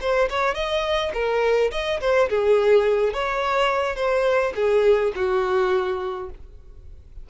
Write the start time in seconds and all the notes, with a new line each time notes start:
0.00 C5
0.29 C#5
0.54 D#5
1.13 A#4
1.71 D#5
2.00 C5
2.29 G#4
3.13 C#5
3.96 C5
4.55 G#4
5.15 F#4